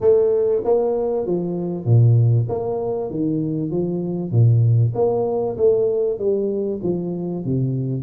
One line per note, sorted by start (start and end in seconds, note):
0.00 0.62 A3
0.64 1.25 A#3
1.25 1.85 F3
1.85 2.47 A#2
2.49 3.10 A#3
3.10 3.70 D#3
3.70 4.31 F3
4.31 4.93 A#2
4.95 5.56 A#3
5.57 6.18 A3
6.18 6.80 G3
6.82 7.44 F3
7.45 8.03 C3